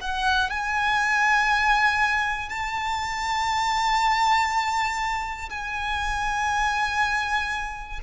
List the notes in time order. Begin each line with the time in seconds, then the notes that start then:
0.00 F#5
0.50 G#5
2.49 A5
5.50 G#5